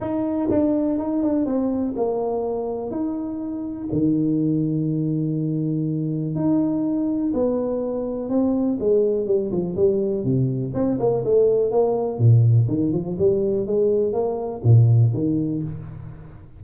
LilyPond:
\new Staff \with { instrumentName = "tuba" } { \time 4/4 \tempo 4 = 123 dis'4 d'4 dis'8 d'8 c'4 | ais2 dis'2 | dis1~ | dis4 dis'2 b4~ |
b4 c'4 gis4 g8 f8 | g4 c4 c'8 ais8 a4 | ais4 ais,4 dis8 f8 g4 | gis4 ais4 ais,4 dis4 | }